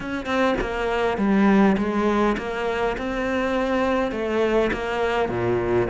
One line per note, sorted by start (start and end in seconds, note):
0.00 0.25 C#4
0.25 0.55 C4
0.60 1.17 A#3
1.17 1.76 G3
1.77 2.36 G#3
2.37 2.96 A#3
2.97 4.11 C4
4.11 4.70 A3
4.72 5.28 A#3
5.28 5.87 A#2